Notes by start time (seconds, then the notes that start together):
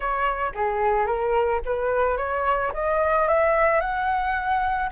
0.00 C#5
0.54 G#4
1.06 A#4
1.65 B4
2.17 C#5
2.73 D#5
3.28 E5
3.80 F#5